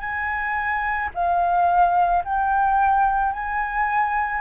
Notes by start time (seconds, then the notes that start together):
0.00 G#5
1.14 F5
2.24 G5
3.33 G#5